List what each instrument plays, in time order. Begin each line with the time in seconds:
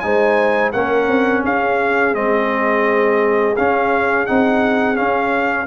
0.00 tuba G#3, trombone D#4, horn C5, trumpet G#5
0.72 tuba A#3, trombone C#4, horn A#4, trumpet F#5
1.08 tuba C4
1.44 tuba C#4, horn G#4, trumpet F5
2.14 tuba G#3, trombone C4, trumpet D#5
3.57 tuba C#4, trombone C#4, trumpet F5
4.27 tuba C4, trombone D#4, trumpet F#5
4.96 trombone C#4, tuba C#4, trumpet F5